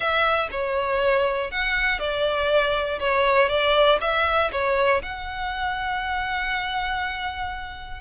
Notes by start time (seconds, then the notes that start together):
0.00 E5
0.51 C#5
1.51 F#5
1.99 D5
2.99 C#5
3.48 D5
4.00 E5
4.52 C#5
5.02 F#5